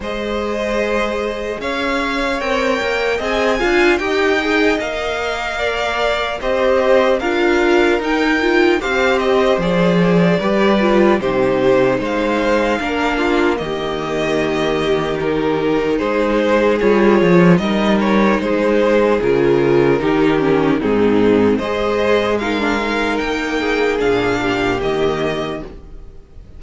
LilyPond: <<
  \new Staff \with { instrumentName = "violin" } { \time 4/4 \tempo 4 = 75 dis''2 f''4 g''4 | gis''4 g''4 f''2 | dis''4 f''4 g''4 f''8 dis''8 | d''2 c''4 f''4~ |
f''4 dis''2 ais'4 | c''4 cis''4 dis''8 cis''8 c''4 | ais'2 gis'4 dis''4 | f''4 g''4 f''4 dis''4 | }
  \new Staff \with { instrumentName = "violin" } { \time 4/4 c''2 cis''2 | dis''8 f''8 dis''2 d''4 | c''4 ais'2 c''4~ | c''4 b'4 g'4 c''4 |
ais'8 f'8 g'2. | gis'2 ais'4 gis'4~ | gis'4 g'4 dis'4 c''4 | ais'4. gis'4 g'4. | }
  \new Staff \with { instrumentName = "viola" } { \time 4/4 gis'2. ais'4 | gis'8 f'8 g'8 gis'8 ais'2 | g'4 f'4 dis'8 f'8 g'4 | gis'4 g'8 f'8 dis'2 |
d'4 ais2 dis'4~ | dis'4 f'4 dis'2 | f'4 dis'8 cis'8 c'4 gis'4 | dis'16 d'16 dis'4. d'4 ais4 | }
  \new Staff \with { instrumentName = "cello" } { \time 4/4 gis2 cis'4 c'8 ais8 | c'8 d'8 dis'4 ais2 | c'4 d'4 dis'4 c'4 | f4 g4 c4 gis4 |
ais4 dis2. | gis4 g8 f8 g4 gis4 | cis4 dis4 gis,4 gis4~ | gis4 ais4 ais,4 dis4 | }
>>